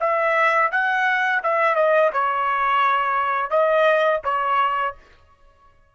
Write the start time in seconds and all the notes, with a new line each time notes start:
0.00 E5
0.71 F#5
1.43 E5
1.75 D#5
2.12 C#5
3.50 D#5
4.24 C#5